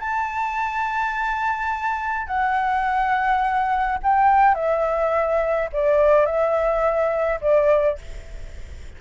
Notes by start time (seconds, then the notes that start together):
0.00 A5
2.27 F#5
4.03 G5
4.55 E5
5.72 D5
6.26 E5
7.41 D5